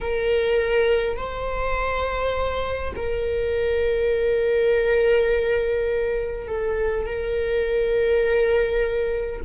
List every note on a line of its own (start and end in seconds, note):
0.00 1.17 A#4
1.17 2.93 C5
2.96 6.47 A#4
6.47 7.06 A4
7.06 9.41 A#4